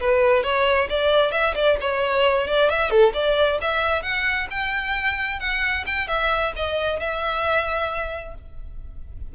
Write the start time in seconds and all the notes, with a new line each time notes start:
0.00 B4
0.43 C#5
0.89 D5
1.32 E5
1.55 D5
1.81 C#5
2.47 D5
2.69 E5
2.90 A4
3.14 D5
3.61 E5
4.03 F#5
4.50 G5
5.40 F#5
5.86 G5
6.08 E5
6.56 D#5
6.99 E5